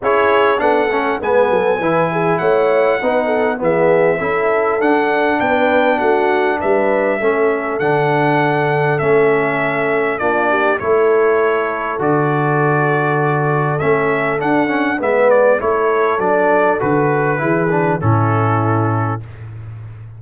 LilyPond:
<<
  \new Staff \with { instrumentName = "trumpet" } { \time 4/4 \tempo 4 = 100 cis''4 fis''4 gis''2 | fis''2 e''2 | fis''4 g''4 fis''4 e''4~ | e''4 fis''2 e''4~ |
e''4 d''4 cis''2 | d''2. e''4 | fis''4 e''8 d''8 cis''4 d''4 | b'2 a'2 | }
  \new Staff \with { instrumentName = "horn" } { \time 4/4 gis'4 a'4 b'8 a'8 b'8 gis'8 | cis''4 b'8 a'8 gis'4 a'4~ | a'4 b'4 fis'4 b'4 | a'1~ |
a'4 f'8 g'8 a'2~ | a'1~ | a'4 b'4 a'2~ | a'4 gis'4 e'2 | }
  \new Staff \with { instrumentName = "trombone" } { \time 4/4 e'4 d'8 cis'8 b4 e'4~ | e'4 dis'4 b4 e'4 | d'1 | cis'4 d'2 cis'4~ |
cis'4 d'4 e'2 | fis'2. cis'4 | d'8 cis'8 b4 e'4 d'4 | fis'4 e'8 d'8 cis'2 | }
  \new Staff \with { instrumentName = "tuba" } { \time 4/4 cis'4 b8 a8 gis8 fis8 e4 | a4 b4 e4 cis'4 | d'4 b4 a4 g4 | a4 d2 a4~ |
a4 ais4 a2 | d2. a4 | d'4 gis4 a4 fis4 | d4 e4 a,2 | }
>>